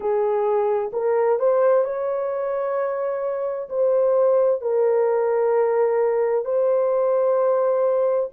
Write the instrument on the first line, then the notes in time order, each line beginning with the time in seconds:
horn
0.00 G#4
0.92 A#4
1.39 C5
1.84 C#5
3.69 C5
4.61 A#4
6.44 C5